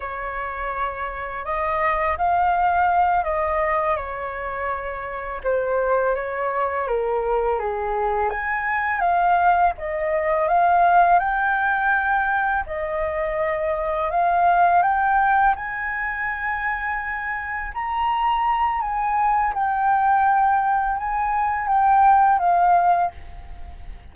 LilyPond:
\new Staff \with { instrumentName = "flute" } { \time 4/4 \tempo 4 = 83 cis''2 dis''4 f''4~ | f''8 dis''4 cis''2 c''8~ | c''8 cis''4 ais'4 gis'4 gis''8~ | gis''8 f''4 dis''4 f''4 g''8~ |
g''4. dis''2 f''8~ | f''8 g''4 gis''2~ gis''8~ | gis''8 ais''4. gis''4 g''4~ | g''4 gis''4 g''4 f''4 | }